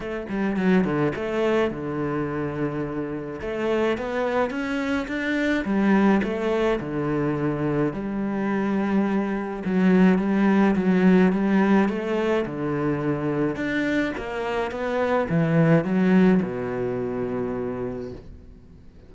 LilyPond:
\new Staff \with { instrumentName = "cello" } { \time 4/4 \tempo 4 = 106 a8 g8 fis8 d8 a4 d4~ | d2 a4 b4 | cis'4 d'4 g4 a4 | d2 g2~ |
g4 fis4 g4 fis4 | g4 a4 d2 | d'4 ais4 b4 e4 | fis4 b,2. | }